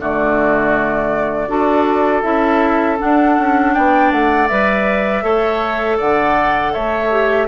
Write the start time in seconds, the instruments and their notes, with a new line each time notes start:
0.00 bassoon D3, clarinet A3, oboe F#4, flute D5
1.49 bassoon D4, clarinet F#4, oboe A4
2.23 bassoon C#4, clarinet E4, flute E5
2.99 clarinet D4, bassoon D4, flute F#5
3.39 bassoon C#4
3.74 bassoon B3, oboe D5, flute G5
4.12 bassoon A3, flute F#5
4.48 bassoon G3, clarinet B4, flute E5
5.23 bassoon A3, clarinet A4, oboe C#5
5.98 bassoon D3, oboe D5, flute F#5
6.74 bassoon A3, oboe C#5, flute E5
7.11 clarinet G4